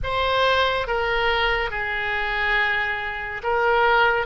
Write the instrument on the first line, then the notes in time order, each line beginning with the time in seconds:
oboe
0.03 C5
0.86 A#4
1.70 G#4
3.43 A#4